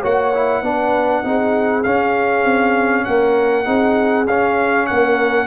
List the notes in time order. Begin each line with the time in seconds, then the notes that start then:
0.00 A#3 F#4 C#5 F#5
0.34 E4
0.62 B3 D4 B4
1.23 C4 D#4 G#4
1.83 C#4 F5
2.44 C4
3.04 A#3 A#4 F#5
3.65 C4 D#4 G#4
4.27 C#4 F5
4.86 A#3 A#4 F#5